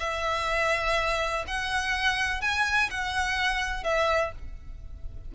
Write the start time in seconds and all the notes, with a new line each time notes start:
0.00 E5
1.48 F#5
2.42 G#5
2.91 F#5
3.84 E5